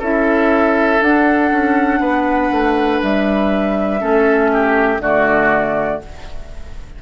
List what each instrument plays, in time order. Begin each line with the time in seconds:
0.00 bassoon C#4, clarinet E4, oboe A4, flute E5
1.01 clarinet D4, bassoon D4, flute F#5
1.52 bassoon C#4
2.00 bassoon B3, oboe B4
2.52 bassoon A3
3.03 bassoon G3, flute E5
4.00 bassoon A3, clarinet C#4, oboe A4
4.53 oboe G4
4.99 bassoon D3, clarinet A3, oboe F#4, flute D5